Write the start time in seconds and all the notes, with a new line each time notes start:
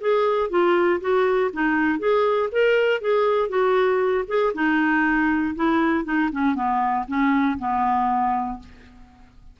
0.00 G#4
0.49 F4
1.00 F#4
1.53 D#4
1.99 G#4
2.51 A#4
3.00 G#4
3.48 F#4
4.27 G#4
4.54 D#4
5.55 E4
6.04 D#4
6.32 C#4
6.55 B3
7.07 C#4
7.58 B3